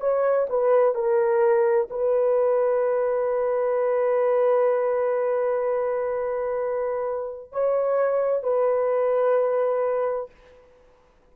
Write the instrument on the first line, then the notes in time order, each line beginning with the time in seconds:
horn
0.00 C#5
0.49 B4
0.95 A#4
1.90 B4
7.52 C#5
8.43 B4